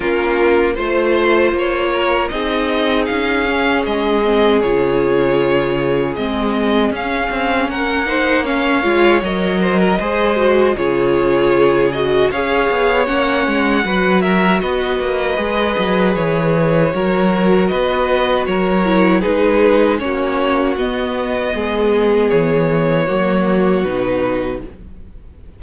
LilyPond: <<
  \new Staff \with { instrumentName = "violin" } { \time 4/4 \tempo 4 = 78 ais'4 c''4 cis''4 dis''4 | f''4 dis''4 cis''2 | dis''4 f''4 fis''4 f''4 | dis''2 cis''4. dis''8 |
f''4 fis''4. e''8 dis''4~ | dis''4 cis''2 dis''4 | cis''4 b'4 cis''4 dis''4~ | dis''4 cis''2 b'4 | }
  \new Staff \with { instrumentName = "violin" } { \time 4/4 f'4 c''4. ais'8 gis'4~ | gis'1~ | gis'2 ais'8 c''8 cis''4~ | cis''8 c''16 ais'16 c''4 gis'2 |
cis''2 b'8 ais'8 b'4~ | b'2 ais'4 b'4 | ais'4 gis'4 fis'2 | gis'2 fis'2 | }
  \new Staff \with { instrumentName = "viola" } { \time 4/4 cis'4 f'2 dis'4~ | dis'8 cis'4 c'8 f'2 | c'4 cis'4. dis'8 cis'8 f'8 | ais'4 gis'8 fis'8 f'4. fis'8 |
gis'4 cis'4 fis'2 | gis'2 fis'2~ | fis'8 e'8 dis'4 cis'4 b4~ | b2 ais4 dis'4 | }
  \new Staff \with { instrumentName = "cello" } { \time 4/4 ais4 a4 ais4 c'4 | cis'4 gis4 cis2 | gis4 cis'8 c'8 ais4. gis8 | fis4 gis4 cis2 |
cis'8 b8 ais8 gis8 fis4 b8 ais8 | gis8 fis8 e4 fis4 b4 | fis4 gis4 ais4 b4 | gis4 e4 fis4 b,4 | }
>>